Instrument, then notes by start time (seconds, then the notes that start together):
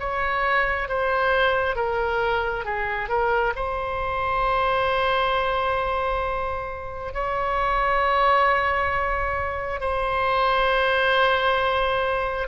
oboe
0.00 C#5
0.89 C5
1.76 A#4
2.65 G#4
3.09 A#4
3.56 C5
7.14 C#5
9.81 C5